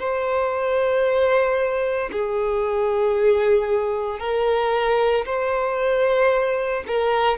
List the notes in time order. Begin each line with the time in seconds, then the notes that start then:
0.00 C5
2.12 G#4
4.20 A#4
5.26 C5
6.87 A#4